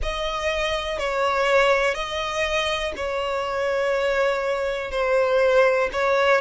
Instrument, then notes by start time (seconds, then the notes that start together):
violin
0.02 D#5
0.98 C#5
1.94 D#5
2.96 C#5
4.91 C5
5.92 C#5